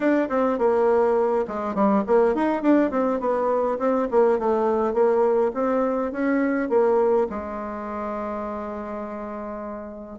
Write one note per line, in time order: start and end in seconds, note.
0.00 0.28 D4
0.29 0.58 C4
0.58 1.45 A#3
1.47 1.74 G#3
1.74 2.03 G3
2.06 2.34 A#3
2.34 2.62 D#4
2.62 2.90 D4
2.90 3.20 C4
3.20 3.78 B3
3.78 4.08 C4
4.10 4.38 A#3
4.38 4.93 A3
4.93 5.51 A#3
5.54 6.12 C4
6.12 6.69 C#4
6.69 7.27 A#3
7.29 10.19 G#3